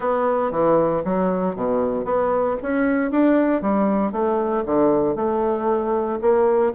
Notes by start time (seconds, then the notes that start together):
0.00 B3
0.51 E3
1.04 F#3
1.55 B2
2.04 B3
2.62 C#4
3.11 D4
3.61 G3
4.12 A3
4.65 D3
5.15 A3
6.21 A#3